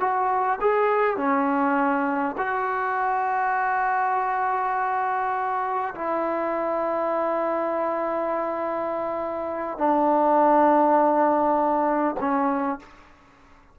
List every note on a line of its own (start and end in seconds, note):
0.00 0.59 F#4
0.61 1.17 G#4
1.17 2.35 C#4
2.38 5.94 F#4
5.95 9.78 E4
9.78 12.16 D4
12.20 12.79 C#4